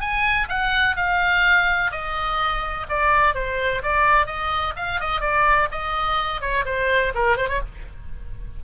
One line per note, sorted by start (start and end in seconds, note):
0.00 0.48 G#5
0.48 0.96 F#5
0.96 1.91 F5
1.91 2.86 D#5
2.89 3.35 D5
3.35 3.82 C5
3.82 4.26 D5
4.26 4.74 D#5
4.76 5.00 F5
5.00 5.20 D#5
5.20 5.68 D5
5.71 6.41 D#5
6.41 6.65 C#5
6.65 7.13 C5
7.15 7.37 A#4
7.37 7.48 C5
7.48 7.60 C#5